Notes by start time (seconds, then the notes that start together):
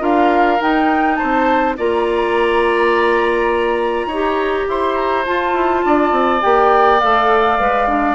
0.00 D4 F4 A#4 F5
0.60 D#4 G5
1.16 C5 A5
1.23 C4
1.78 A#3 F4 D5 A#5
4.06 D#4 C#5
4.13 G4
4.69 E4 C5 C6
4.96 A#5
5.26 F4 A5
5.54 E4
5.86 D4 D5
6.12 C4
6.41 A#3 G4 G5
7.00 A3 A4 F5
7.60 G#3 B4
7.88 D4